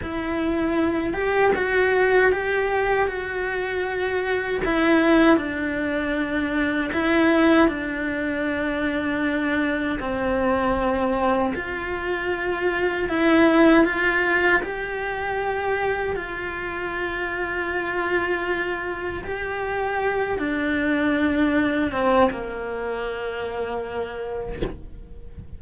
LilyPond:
\new Staff \with { instrumentName = "cello" } { \time 4/4 \tempo 4 = 78 e'4. g'8 fis'4 g'4 | fis'2 e'4 d'4~ | d'4 e'4 d'2~ | d'4 c'2 f'4~ |
f'4 e'4 f'4 g'4~ | g'4 f'2.~ | f'4 g'4. d'4.~ | d'8 c'8 ais2. | }